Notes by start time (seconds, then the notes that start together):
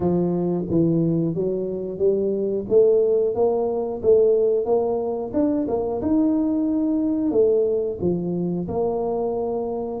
0.00 F3
0.70 E3
1.34 F#3
1.98 G3
2.68 A3
3.35 A#3
4.02 A3
4.65 A#3
5.33 D4
5.68 A#3
6.01 D#4
7.31 A3
8.00 F3
8.68 A#3